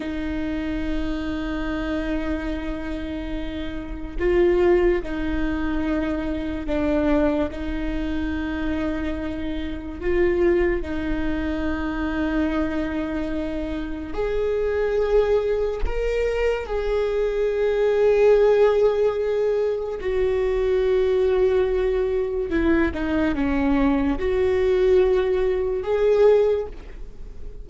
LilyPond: \new Staff \with { instrumentName = "viola" } { \time 4/4 \tempo 4 = 72 dis'1~ | dis'4 f'4 dis'2 | d'4 dis'2. | f'4 dis'2.~ |
dis'4 gis'2 ais'4 | gis'1 | fis'2. e'8 dis'8 | cis'4 fis'2 gis'4 | }